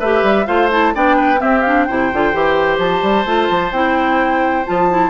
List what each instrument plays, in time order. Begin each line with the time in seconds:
0.00 bassoon A3, clarinet G4, oboe B4, flute E5
0.23 bassoon G3
0.46 bassoon A3, clarinet F4, oboe C5, flute F5
0.71 clarinet E4, flute A5
0.95 bassoon B3, clarinet D4, oboe D5, flute G5
1.17 oboe B4
1.37 clarinet C4, bassoon C4, oboe G4, flute E5
1.62 clarinet D4, flute F5
1.84 bassoon C3, clarinet E4, oboe C5, flute G5
2.13 bassoon D3, clarinet F4
2.33 bassoon E3, clarinet G4
2.79 bassoon F3, flute A5
3.03 bassoon G3
3.26 bassoon A3, clarinet F4
3.50 bassoon F3
3.72 bassoon C4, clarinet E4, flute G5
4.66 bassoon F3, clarinet F4, flute A5
4.90 clarinet E4